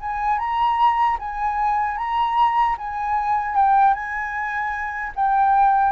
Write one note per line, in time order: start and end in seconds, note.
0.00 0.38 G#5
0.38 1.17 A#5
1.19 1.97 G#5
1.97 2.76 A#5
2.78 3.55 G#5
3.55 3.94 G5
3.94 5.12 G#5
5.15 5.92 G5